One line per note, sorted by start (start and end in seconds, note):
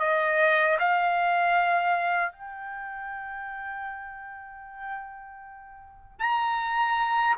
0.00 0.78 D#5
0.79 2.33 F5
2.33 6.19 G5
6.19 7.36 A#5